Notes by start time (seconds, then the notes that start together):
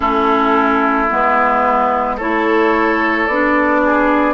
0.00 A3 C#4 E4 A4
1.09 G#3 B3 B4
2.17 A3 E4 A4 C#5
3.27 B3 D4 D5
3.84 G#4